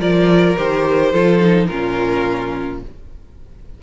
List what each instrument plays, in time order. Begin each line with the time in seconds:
0.00 cello F3, viola F4, violin A#4 D5
0.57 cello D#3, viola G4, violin C5
1.12 cello F3, viola F4, violin A4
1.40 viola D#4
1.67 cello A#2, viola C#4, violin F4 A#4